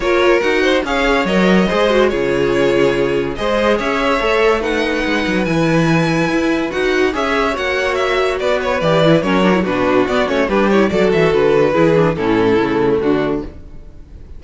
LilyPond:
<<
  \new Staff \with { instrumentName = "violin" } { \time 4/4 \tempo 4 = 143 cis''4 fis''4 f''4 dis''4~ | dis''4 cis''2. | dis''4 e''2 fis''4~ | fis''4 gis''2. |
fis''4 e''4 fis''4 e''4 | d''8 cis''8 d''4 cis''4 b'4 | d''8 cis''8 b'8 cis''8 d''8 e''8 b'4~ | b'4 a'2 fis'4 | }
  \new Staff \with { instrumentName = "violin" } { \time 4/4 ais'4. c''8 cis''2 | c''4 gis'2. | c''4 cis''2 b'4~ | b'1~ |
b'4 cis''2. | b'2 ais'4 fis'4~ | fis'4 g'4 a'2 | gis'4 e'2 d'4 | }
  \new Staff \with { instrumentName = "viola" } { \time 4/4 f'4 fis'4 gis'4 ais'4 | gis'8 fis'8 f'2. | gis'2 a'4 dis'4~ | dis'4 e'2. |
fis'4 gis'4 fis'2~ | fis'4 g'8 e'8 cis'8 d'16 e'16 d'4 | b8 cis'8 d'8 e'8 fis'2 | e'8 d'8 cis'4 a2 | }
  \new Staff \with { instrumentName = "cello" } { \time 4/4 ais4 dis'4 cis'4 fis4 | gis4 cis2. | gis4 cis'4 a2 | gis8 fis8 e2 e'4 |
dis'4 cis'4 ais2 | b4 e4 fis4 b,4 | b8 a8 g4 fis8 e8 d4 | e4 a,4 cis4 d4 | }
>>